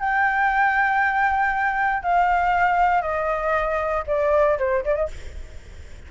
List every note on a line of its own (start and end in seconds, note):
0.00 2.03 G5
2.03 3.02 F5
3.02 4.04 D#5
4.07 4.58 D5
4.59 4.84 C5
4.85 4.96 D5
4.96 5.08 D#5